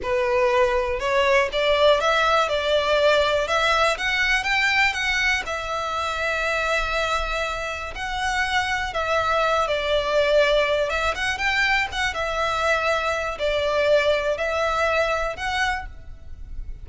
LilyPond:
\new Staff \with { instrumentName = "violin" } { \time 4/4 \tempo 4 = 121 b'2 cis''4 d''4 | e''4 d''2 e''4 | fis''4 g''4 fis''4 e''4~ | e''1 |
fis''2 e''4. d''8~ | d''2 e''8 fis''8 g''4 | fis''8 e''2~ e''8 d''4~ | d''4 e''2 fis''4 | }